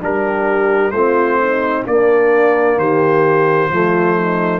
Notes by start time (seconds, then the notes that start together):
0.00 G3 D4 G4 A#4
0.91 A3 C4 F4 C5
1.41 D#4
1.86 A#3 D4 D5
2.77 D#3 G4 C5
3.69 F3 A3 F4
4.16 D#4